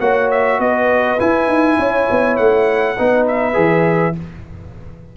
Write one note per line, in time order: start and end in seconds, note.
0.00 0.59 A#3
0.00 1.19 F#4
0.00 0.59 C#5
0.00 0.30 F#5
0.31 0.60 E5
0.59 1.18 B3
0.59 1.78 B4
0.59 1.20 D#5
1.19 2.97 E4
1.19 1.48 E4
1.19 2.37 G#5
1.48 1.77 D#4
1.78 2.08 C#4
1.78 2.97 C#5
2.11 2.39 B3
2.37 2.98 A3
2.37 3.26 F#5
2.97 3.56 B3
2.97 3.53 D#4
2.97 4.16 B4
3.27 4.17 E5
3.53 4.16 E3
3.53 4.13 G#4